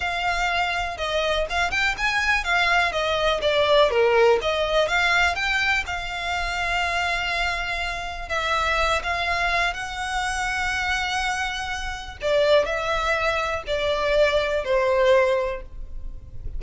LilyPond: \new Staff \with { instrumentName = "violin" } { \time 4/4 \tempo 4 = 123 f''2 dis''4 f''8 g''8 | gis''4 f''4 dis''4 d''4 | ais'4 dis''4 f''4 g''4 | f''1~ |
f''4 e''4. f''4. | fis''1~ | fis''4 d''4 e''2 | d''2 c''2 | }